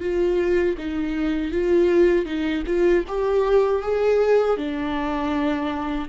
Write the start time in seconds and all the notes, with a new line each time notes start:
0.00 F4
0.78 D#4
1.52 F4
2.25 D#4
2.66 F4
3.08 G4
3.82 G#4
4.57 D4